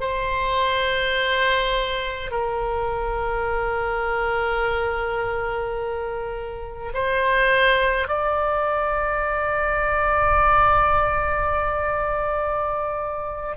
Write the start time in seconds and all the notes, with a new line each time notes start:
0.00 C5
2.31 A#4
6.93 C5
8.08 D5